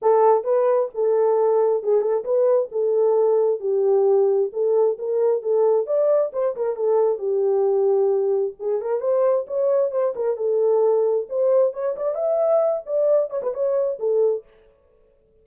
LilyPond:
\new Staff \with { instrumentName = "horn" } { \time 4/4 \tempo 4 = 133 a'4 b'4 a'2 | gis'8 a'8 b'4 a'2 | g'2 a'4 ais'4 | a'4 d''4 c''8 ais'8 a'4 |
g'2. gis'8 ais'8 | c''4 cis''4 c''8 ais'8 a'4~ | a'4 c''4 cis''8 d''8 e''4~ | e''8 d''4 cis''16 b'16 cis''4 a'4 | }